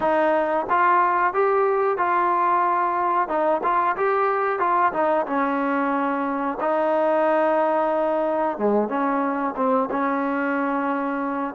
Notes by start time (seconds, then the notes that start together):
0.00 D#4
0.69 F4
1.33 G4
1.98 F4
3.28 D#4
3.63 F4
3.96 G4
4.59 F4
4.93 D#4
5.26 C#4
6.60 D#4
8.58 G#3
8.88 C#4
9.56 C4
9.91 C#4